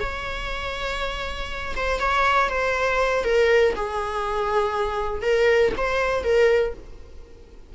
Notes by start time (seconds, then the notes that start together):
0.00 C#5
1.76 C5
2.00 C#5
2.50 C5
3.24 A#4
3.76 G#4
5.22 A#4
5.77 C5
6.24 A#4